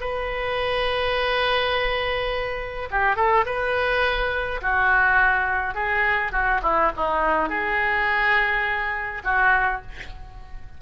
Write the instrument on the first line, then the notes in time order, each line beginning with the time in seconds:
oboe
0.00 B4
2.90 G4
3.16 A4
3.45 B4
4.61 F#4
5.74 G#4
6.32 F#4
6.62 E4
6.96 D#4
7.49 G#4
9.24 F#4